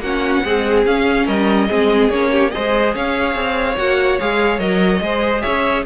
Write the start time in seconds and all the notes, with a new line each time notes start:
0.00 A#3 C#4 F#4 F#5
0.44 G#3 C4 G#4
0.86 C#4 F5
1.26 G3 A#4 D#5
1.68 G#3 C4 G#4
2.10 A#3 C#4 C#5
2.31 G4
2.50 G#4 C5 D#5
2.57 G#3
2.95 C#4 C#5 F5
3.35 C4
3.77 A#3 F#4 F#5
4.20 G#3 G#4 F5
4.59 F#3 A#4 D#5
5.01 G#3 G#4 C5
5.41 C#4 C#5 E5